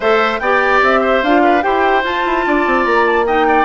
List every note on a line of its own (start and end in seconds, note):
0.00 0.39 A3
0.00 0.42 A4
0.00 0.39 C5
0.00 0.39 E5
0.39 0.80 B3
0.39 1.24 G4
0.39 1.01 D5
0.39 0.80 G5
0.82 1.22 C4
0.82 1.23 E5
1.01 1.41 C5
1.22 1.63 D4
1.22 1.61 F4
1.22 1.62 F5
1.43 1.63 B4
1.61 2.03 E4
1.61 2.02 G4
1.61 2.45 C5
1.61 2.03 G5
2.03 3.25 F4
2.03 2.24 F4
2.03 2.85 A5
2.25 2.46 E4
2.46 2.66 D4
2.46 3.26 D5
2.66 2.86 C4
2.85 3.65 A#3
2.85 3.05 A#5
3.06 3.26 A5
3.26 3.65 D#4
3.26 3.47 D#5
3.26 3.65 G5
3.47 3.65 D5